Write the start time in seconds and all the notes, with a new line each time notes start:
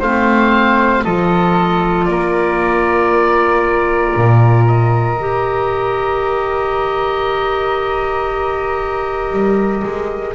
0.00 A3 C4 C5 F5
1.04 F3 F4 A4 D#5
2.05 A#3 A#4 D5
4.16 A#2
4.68 D#5
5.18 D#3 G4
9.32 G3
9.84 G#3